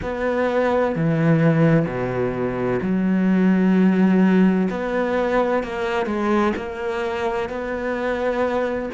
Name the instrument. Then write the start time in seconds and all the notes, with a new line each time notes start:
cello
0.02 B3
0.95 E3
1.85 B2
2.81 F#3
4.70 B3
5.63 A#3
6.06 G#3
6.56 A#3
7.49 B3